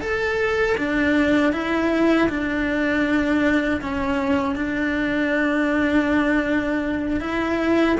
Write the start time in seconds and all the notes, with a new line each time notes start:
0.00 A4
0.77 D4
1.52 E4
2.29 D4
3.81 C#4
4.55 D4
7.20 E4